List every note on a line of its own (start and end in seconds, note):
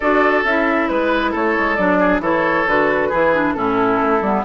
0.00 0.44 D4
0.00 0.45 F#4
0.00 0.89 A4
0.00 0.44 D5
0.44 0.88 C#4
0.44 1.78 E4
0.44 0.88 E5
0.88 1.34 G#3
0.88 1.32 B4
0.88 1.31 B4
1.31 1.56 A3
1.31 1.97 A4
1.31 1.75 C#5
1.58 1.77 G#3
1.75 2.19 F#3
1.75 2.22 D4
1.75 2.19 D5
1.99 2.21 G#4
2.19 2.64 E3
2.19 2.66 E4
2.19 3.08 A4
2.19 2.67 C#5
2.67 3.11 D3
2.67 3.12 F#4
2.67 3.53 B4
3.08 3.55 E3
3.08 3.34 E4
3.08 3.53 G#4
3.34 3.55 D4
3.53 4.00 A2
3.53 4.21 C#4
3.53 4.44 E4
3.53 4.42 A4
4.01 4.21 A3
4.21 4.43 G3
4.21 4.44 B3